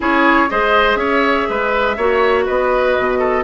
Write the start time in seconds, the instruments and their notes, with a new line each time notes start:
0.00 bassoon C#4, clarinet E4, oboe G#4, flute C#5
0.49 bassoon G#3, clarinet G#4, oboe C5, flute D#5
0.95 bassoon C#4, oboe C#5, flute E5
1.49 bassoon G#3, oboe B4
1.96 bassoon A#3, clarinet F#4, oboe C#5
2.45 bassoon B3, oboe B4, flute D#5
2.98 bassoon B2
3.18 oboe A4